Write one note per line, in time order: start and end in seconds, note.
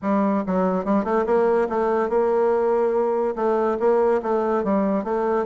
0.02 0.44 G3
0.46 0.84 F#3
0.84 1.04 G3
1.04 1.25 A3
1.26 1.68 A#3
1.69 2.09 A3
2.09 3.35 A#3
3.35 3.77 A3
3.79 4.21 A#3
4.22 4.63 A3
4.63 5.03 G3
5.03 5.45 A3